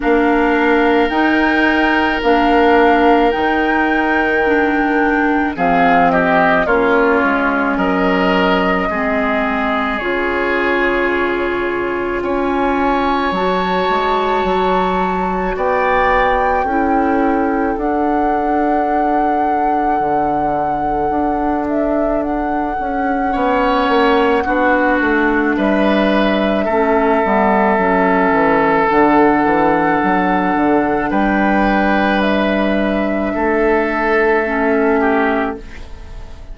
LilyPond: <<
  \new Staff \with { instrumentName = "flute" } { \time 4/4 \tempo 4 = 54 f''4 g''4 f''4 g''4~ | g''4 f''8 dis''8 cis''4 dis''4~ | dis''4 cis''2 gis''4 | a''2 g''2 |
fis''2.~ fis''8 e''8 | fis''2. e''4~ | e''2 fis''2 | g''4 e''2. | }
  \new Staff \with { instrumentName = "oboe" } { \time 4/4 ais'1~ | ais'4 gis'8 g'8 f'4 ais'4 | gis'2. cis''4~ | cis''2 d''4 a'4~ |
a'1~ | a'4 cis''4 fis'4 b'4 | a'1 | b'2 a'4. g'8 | }
  \new Staff \with { instrumentName = "clarinet" } { \time 4/4 d'4 dis'4 d'4 dis'4 | d'4 c'4 cis'2 | c'4 f'2. | fis'2. e'4 |
d'1~ | d'4 cis'4 d'2 | cis'8 b8 cis'4 d'2~ | d'2. cis'4 | }
  \new Staff \with { instrumentName = "bassoon" } { \time 4/4 ais4 dis'4 ais4 dis4~ | dis4 f4 ais8 gis8 fis4 | gis4 cis2 cis'4 | fis8 gis8 fis4 b4 cis'4 |
d'2 d4 d'4~ | d'8 cis'8 b8 ais8 b8 a8 g4 | a8 g8 fis8 e8 d8 e8 fis8 d8 | g2 a2 | }
>>